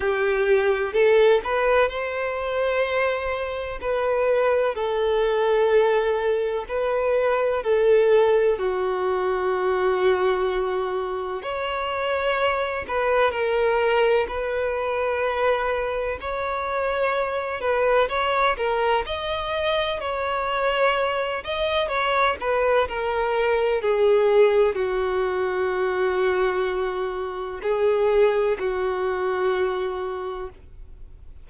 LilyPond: \new Staff \with { instrumentName = "violin" } { \time 4/4 \tempo 4 = 63 g'4 a'8 b'8 c''2 | b'4 a'2 b'4 | a'4 fis'2. | cis''4. b'8 ais'4 b'4~ |
b'4 cis''4. b'8 cis''8 ais'8 | dis''4 cis''4. dis''8 cis''8 b'8 | ais'4 gis'4 fis'2~ | fis'4 gis'4 fis'2 | }